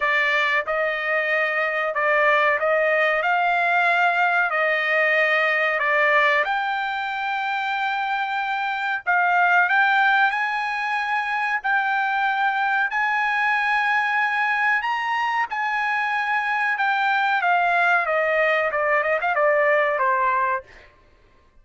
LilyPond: \new Staff \with { instrumentName = "trumpet" } { \time 4/4 \tempo 4 = 93 d''4 dis''2 d''4 | dis''4 f''2 dis''4~ | dis''4 d''4 g''2~ | g''2 f''4 g''4 |
gis''2 g''2 | gis''2. ais''4 | gis''2 g''4 f''4 | dis''4 d''8 dis''16 f''16 d''4 c''4 | }